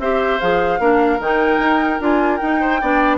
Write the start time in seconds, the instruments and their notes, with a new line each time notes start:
0.00 bassoon C4, clarinet G4, oboe C5, flute E5
0.40 bassoon F3, clarinet G#4, flute F5
0.80 bassoon A#3, clarinet D4, oboe A#4
1.20 bassoon D#3, clarinet D#4, flute G5
1.59 bassoon D#4
2.00 bassoon D4, clarinet F4, flute G#5
2.37 clarinet D#4, bassoon D#4, flute G5
2.61 oboe C5
2.81 bassoon B3, clarinet D4, oboe D5